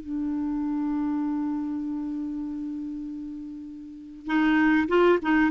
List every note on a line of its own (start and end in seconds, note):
0.00 4.26 D4
4.26 4.88 D#4
4.88 5.19 F4
5.22 5.51 D#4